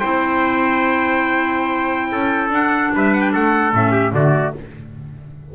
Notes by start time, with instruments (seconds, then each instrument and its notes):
0.00 double bass C4, clarinet E4, trumpet C5 G5
2.12 double bass C#4, trumpet A4
2.50 double bass D4, clarinet D4, trumpet F#5
2.95 double bass G3, trumpet B4 E5
3.14 trumpet F#5
3.22 trumpet G5
3.33 double bass A3, trumpet A4 F#5
3.73 double bass A2, clarinet C#4, trumpet E5
3.92 trumpet G4
4.13 double bass D3, clarinet A3, trumpet F#4 D5